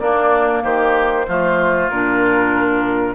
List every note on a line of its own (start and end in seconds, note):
0.00 0.64 A#3
0.00 1.28 A#3
0.00 0.63 D4
0.00 0.63 D5
0.63 1.27 D#3
0.63 1.27 G4
0.63 1.90 C5
1.28 1.90 F3
1.28 1.92 A3
1.28 3.15 F4
1.90 3.15 A#2
1.90 3.15 D4
1.90 3.15 A#4